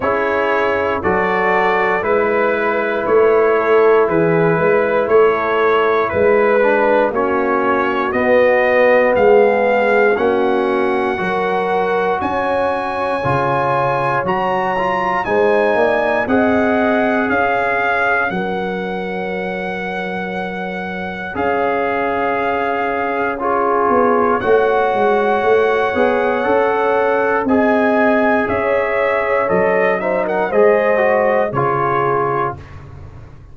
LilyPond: <<
  \new Staff \with { instrumentName = "trumpet" } { \time 4/4 \tempo 4 = 59 cis''4 d''4 b'4 cis''4 | b'4 cis''4 b'4 cis''4 | dis''4 f''4 fis''2 | gis''2 ais''4 gis''4 |
fis''4 f''4 fis''2~ | fis''4 f''2 cis''4 | fis''2. gis''4 | e''4 dis''8 e''16 fis''16 dis''4 cis''4 | }
  \new Staff \with { instrumentName = "horn" } { \time 4/4 gis'4 a'4 b'4. a'8 | gis'8 b'8 a'4 b'4 fis'4~ | fis'4 gis'4 fis'4 ais'4 | cis''2. c''8 d''8 |
dis''4 cis''2.~ | cis''2. gis'4 | cis''2. dis''4 | cis''4. c''16 ais'16 c''4 gis'4 | }
  \new Staff \with { instrumentName = "trombone" } { \time 4/4 e'4 fis'4 e'2~ | e'2~ e'8 d'8 cis'4 | b2 cis'4 fis'4~ | fis'4 f'4 fis'8 f'8 dis'4 |
gis'2 ais'2~ | ais'4 gis'2 f'4 | fis'4. gis'8 a'4 gis'4~ | gis'4 a'8 dis'8 gis'8 fis'8 f'4 | }
  \new Staff \with { instrumentName = "tuba" } { \time 4/4 cis'4 fis4 gis4 a4 | e8 gis8 a4 gis4 ais4 | b4 gis4 ais4 fis4 | cis'4 cis4 fis4 gis8 ais8 |
c'4 cis'4 fis2~ | fis4 cis'2~ cis'8 b8 | a8 gis8 a8 b8 cis'4 c'4 | cis'4 fis4 gis4 cis4 | }
>>